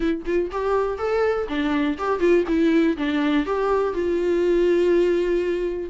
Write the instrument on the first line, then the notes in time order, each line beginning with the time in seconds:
viola
0.00 E4
0.25 F4
0.51 G4
0.98 A4
1.48 D4
1.98 G4
2.19 F4
2.47 E4
2.97 D4
3.46 G4
3.93 F4